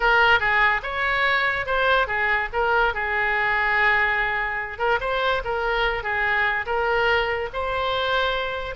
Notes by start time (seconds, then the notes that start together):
0.00 A#4
0.39 G#4
0.82 C#5
1.66 C5
2.07 G#4
2.52 A#4
2.94 G#4
4.78 A#4
5.00 C5
5.44 A#4
6.03 G#4
6.66 A#4
7.53 C5